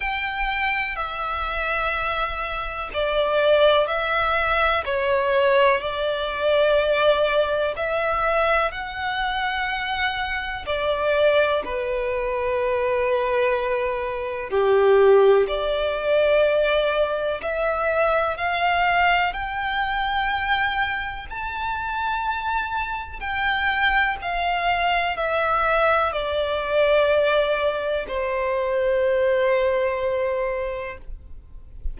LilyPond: \new Staff \with { instrumentName = "violin" } { \time 4/4 \tempo 4 = 62 g''4 e''2 d''4 | e''4 cis''4 d''2 | e''4 fis''2 d''4 | b'2. g'4 |
d''2 e''4 f''4 | g''2 a''2 | g''4 f''4 e''4 d''4~ | d''4 c''2. | }